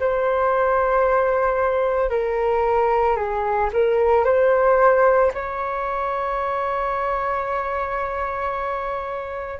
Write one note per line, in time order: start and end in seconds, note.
0.00 2.10 C5
2.10 3.17 A#4
3.17 3.70 G#4
3.73 4.25 A#4
4.25 5.32 C5
5.34 9.60 C#5